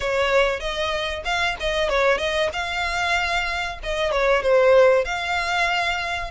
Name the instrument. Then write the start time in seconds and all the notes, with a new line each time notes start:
violin
0.00 C#5
0.60 D#5
1.24 F5
1.60 D#5
1.89 C#5
2.18 D#5
2.53 F5
3.83 D#5
4.11 C#5
4.42 C5
5.04 F5